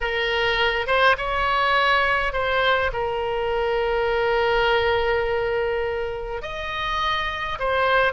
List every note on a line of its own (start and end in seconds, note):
0.00 0.86 A#4
0.86 1.15 C5
1.17 2.32 C#5
2.32 2.91 C5
2.92 6.42 A#4
6.42 7.58 D#5
7.59 8.12 C5